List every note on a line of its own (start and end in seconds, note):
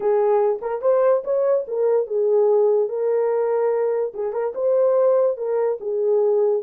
0.00 0.59 G#4
0.61 0.81 A#4
0.81 1.23 C5
1.24 1.65 C#5
1.67 2.06 A#4
2.06 2.89 G#4
2.89 4.13 A#4
4.14 4.32 G#4
4.32 4.53 A#4
4.54 5.37 C5
5.37 5.78 A#4
5.80 6.62 G#4